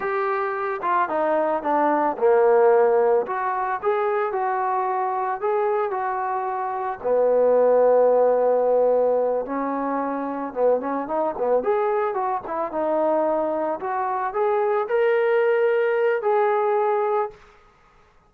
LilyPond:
\new Staff \with { instrumentName = "trombone" } { \time 4/4 \tempo 4 = 111 g'4. f'8 dis'4 d'4 | ais2 fis'4 gis'4 | fis'2 gis'4 fis'4~ | fis'4 b2.~ |
b4. cis'2 b8 | cis'8 dis'8 b8 gis'4 fis'8 e'8 dis'8~ | dis'4. fis'4 gis'4 ais'8~ | ais'2 gis'2 | }